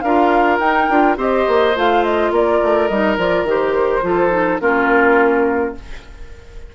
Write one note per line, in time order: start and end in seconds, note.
0.00 0.59 D4
0.00 0.62 F4
0.00 1.17 A#4
0.00 0.57 F5
0.59 0.88 D#4
0.59 0.90 D#4
0.59 1.17 G5
0.89 1.17 D4
0.89 1.16 F4
1.16 1.45 C4
1.16 1.74 G4
1.16 2.31 C5
1.16 1.77 D#5
1.47 1.76 A#3
1.75 2.31 A3
1.75 2.90 F4
1.75 2.04 F5
2.04 2.32 D#5
2.31 2.60 A#3
2.31 4.04 A#4
2.31 2.88 D5
2.63 2.89 A3
2.88 3.17 G3
2.88 3.17 D#4
2.88 3.16 D#5
3.17 3.43 F3
3.17 3.46 F4
3.17 3.47 D5
3.43 4.01 D#3
3.43 4.02 G4
3.50 4.60 C5
4.02 4.60 F3
4.02 4.30 F4
4.02 4.61 A4
4.30 4.58 D#4
4.60 5.75 A#3
4.60 5.74 C#4
4.60 5.75 F4
4.60 5.75 A#4